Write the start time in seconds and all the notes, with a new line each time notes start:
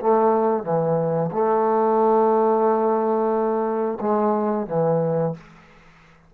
0.00 A3
0.63 E3
1.32 A3
4.01 G#3
4.67 E3